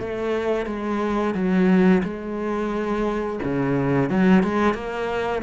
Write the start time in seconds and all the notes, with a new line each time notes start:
0.00 A3
0.67 G#3
1.35 F#3
2.04 G#3
3.44 C#3
4.10 F#3
4.43 G#3
4.74 A#3